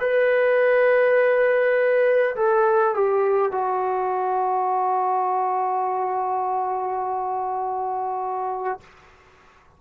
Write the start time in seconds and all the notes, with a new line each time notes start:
0.00 B4
2.36 A4
2.95 G4
3.52 F#4